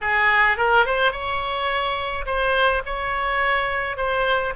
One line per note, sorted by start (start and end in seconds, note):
0.01 0.57 G#4
0.57 0.85 A#4
0.85 1.11 C5
1.11 2.25 C#5
2.25 2.82 C5
2.85 3.96 C#5
3.96 4.53 C5